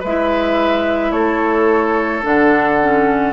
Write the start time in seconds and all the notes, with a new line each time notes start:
0.00 G#3 B4 E5
0.07 E4
1.11 A3 A4 C#5
2.22 D3 D4 F#5
2.82 C#4